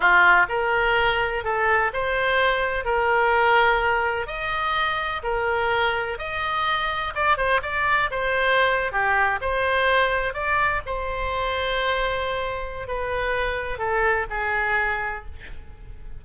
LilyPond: \new Staff \with { instrumentName = "oboe" } { \time 4/4 \tempo 4 = 126 f'4 ais'2 a'4 | c''2 ais'2~ | ais'4 dis''2 ais'4~ | ais'4 dis''2 d''8 c''8 |
d''4 c''4.~ c''16 g'4 c''16~ | c''4.~ c''16 d''4 c''4~ c''16~ | c''2. b'4~ | b'4 a'4 gis'2 | }